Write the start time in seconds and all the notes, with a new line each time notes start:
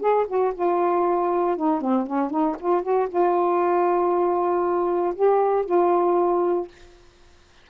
0.00 G#4
0.27 F#4
0.54 F4
1.56 D#4
1.81 C4
2.06 C#4
2.30 D#4
2.59 F4
2.82 F#4
3.09 F4
5.14 G4
5.65 F4